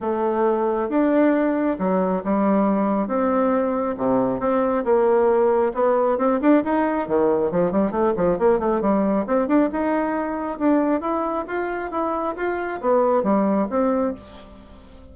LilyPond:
\new Staff \with { instrumentName = "bassoon" } { \time 4/4 \tempo 4 = 136 a2 d'2 | fis4 g2 c'4~ | c'4 c4 c'4 ais4~ | ais4 b4 c'8 d'8 dis'4 |
dis4 f8 g8 a8 f8 ais8 a8 | g4 c'8 d'8 dis'2 | d'4 e'4 f'4 e'4 | f'4 b4 g4 c'4 | }